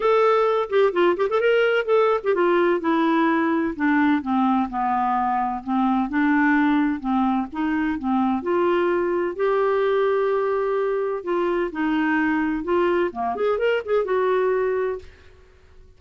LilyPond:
\new Staff \with { instrumentName = "clarinet" } { \time 4/4 \tempo 4 = 128 a'4. g'8 f'8 g'16 a'16 ais'4 | a'8. g'16 f'4 e'2 | d'4 c'4 b2 | c'4 d'2 c'4 |
dis'4 c'4 f'2 | g'1 | f'4 dis'2 f'4 | ais8 gis'8 ais'8 gis'8 fis'2 | }